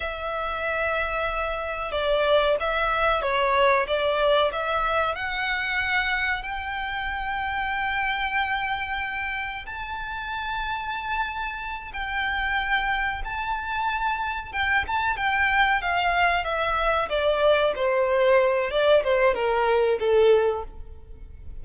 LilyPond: \new Staff \with { instrumentName = "violin" } { \time 4/4 \tempo 4 = 93 e''2. d''4 | e''4 cis''4 d''4 e''4 | fis''2 g''2~ | g''2. a''4~ |
a''2~ a''8 g''4.~ | g''8 a''2 g''8 a''8 g''8~ | g''8 f''4 e''4 d''4 c''8~ | c''4 d''8 c''8 ais'4 a'4 | }